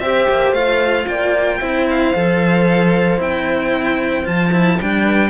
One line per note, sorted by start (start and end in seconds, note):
0.00 0.27 C4
0.00 0.56 G4
0.00 1.09 C5
0.00 0.53 E5
0.30 0.52 A#3
0.52 1.05 A3
0.52 1.61 F4
0.52 1.07 F5
1.08 1.61 A#3
1.08 1.60 D5
1.08 1.87 G5
1.60 2.15 C4
1.60 2.14 E4
1.60 5.04 C5
1.90 3.22 F5
2.15 3.20 F3
2.15 3.18 A4
3.18 4.26 C4
3.18 4.24 E4
3.18 4.27 G5
4.25 4.80 F3
4.25 4.51 F4
4.25 4.80 A5
4.53 4.79 E4
4.81 5.30 G3
4.81 5.30 D4
4.81 5.30 G5
5.04 5.30 B4